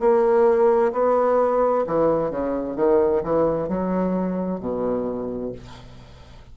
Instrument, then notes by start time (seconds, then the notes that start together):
bassoon
0.00 A#3
0.93 B3
1.87 E3
2.30 C#3
2.76 D#3
3.23 E3
3.68 F#3
4.60 B2